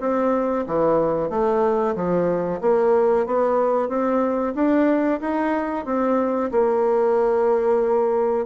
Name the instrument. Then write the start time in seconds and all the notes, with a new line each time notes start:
bassoon
0.00 C4
0.66 E3
1.30 A3
1.95 F3
2.61 A#3
3.26 B3
3.89 C4
4.55 D4
5.21 D#4
5.85 C4
6.51 A#3